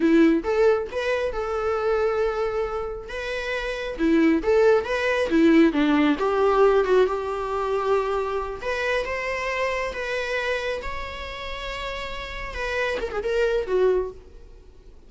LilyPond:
\new Staff \with { instrumentName = "viola" } { \time 4/4 \tempo 4 = 136 e'4 a'4 b'4 a'4~ | a'2. b'4~ | b'4 e'4 a'4 b'4 | e'4 d'4 g'4. fis'8 |
g'2.~ g'8 b'8~ | b'8 c''2 b'4.~ | b'8 cis''2.~ cis''8~ | cis''8 b'4 ais'16 gis'16 ais'4 fis'4 | }